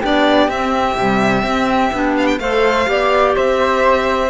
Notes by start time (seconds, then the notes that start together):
0.00 B3 D4 G4 D5
0.48 C4 E5
0.96 C3 G3
1.42 C4
1.93 B3 D4
2.16 F5
2.26 G5
2.39 A3 A4 C5 F5
2.86 B3 G4 D5
3.36 C4 C5 E5